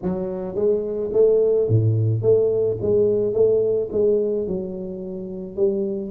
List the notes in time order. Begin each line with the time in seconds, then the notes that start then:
0.02 F#3
0.55 G#3
1.12 A3
1.68 A2
2.21 A3
2.81 G#3
3.33 A3
3.92 G#3
4.47 F#3
5.56 G3